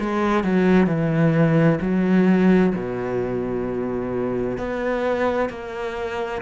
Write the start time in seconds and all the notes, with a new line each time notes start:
0.00 G#3
0.44 F#3
0.87 E3
1.81 F#3
2.75 B2
4.58 B3
5.50 A#3